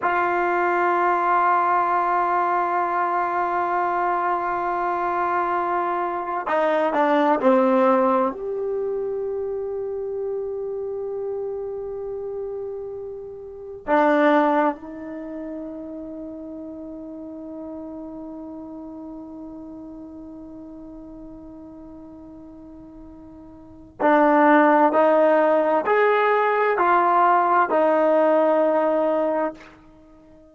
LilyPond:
\new Staff \with { instrumentName = "trombone" } { \time 4/4 \tempo 4 = 65 f'1~ | f'2. dis'8 d'8 | c'4 g'2.~ | g'2. d'4 |
dis'1~ | dis'1~ | dis'2 d'4 dis'4 | gis'4 f'4 dis'2 | }